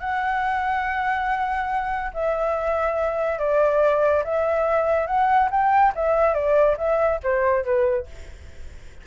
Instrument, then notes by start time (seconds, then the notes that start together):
flute
0.00 F#5
2.14 E5
3.39 D5
4.24 E5
5.07 F#5
5.51 G5
5.95 E5
6.34 D5
6.78 E5
7.23 C5
7.64 B4